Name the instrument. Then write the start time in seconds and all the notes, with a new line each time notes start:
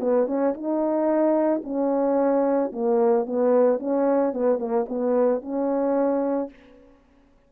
horn
0.00 B3
0.27 C#4
0.54 D#4
1.64 C#4
2.72 A#3
3.26 B3
3.79 C#4
4.33 B3
4.59 A#3
4.89 B3
5.42 C#4